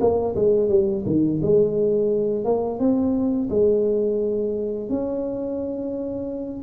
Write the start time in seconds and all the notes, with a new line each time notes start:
0.00 A#3
0.36 G#3
0.69 G3
1.05 D#3
1.42 G#3
2.44 A#3
2.79 C4
3.49 G#3
4.89 C#4